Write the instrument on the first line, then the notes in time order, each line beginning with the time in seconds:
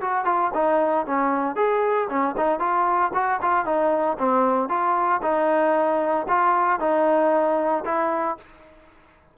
trombone
0.00 F#4
0.25 F4
0.54 D#4
1.06 C#4
1.55 G#4
2.09 C#4
2.37 D#4
2.59 F4
3.14 F#4
3.41 F4
3.65 D#4
4.18 C4
4.68 F4
5.22 D#4
6.28 F4
6.79 D#4
7.85 E4